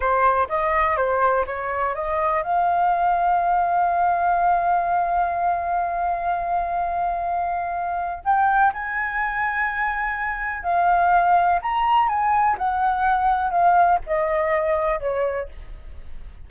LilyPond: \new Staff \with { instrumentName = "flute" } { \time 4/4 \tempo 4 = 124 c''4 dis''4 c''4 cis''4 | dis''4 f''2.~ | f''1~ | f''1~ |
f''4 g''4 gis''2~ | gis''2 f''2 | ais''4 gis''4 fis''2 | f''4 dis''2 cis''4 | }